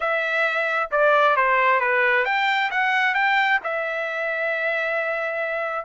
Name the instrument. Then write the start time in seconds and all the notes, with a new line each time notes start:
trumpet
0.00 E5
0.91 D5
1.36 C5
1.80 B4
2.25 G5
2.70 F#5
3.14 G5
3.63 E5